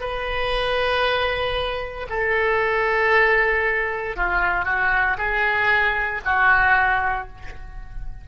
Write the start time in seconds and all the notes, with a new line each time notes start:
0.00 B4
2.09 A4
4.16 F4
4.65 F#4
5.18 G#4
6.24 F#4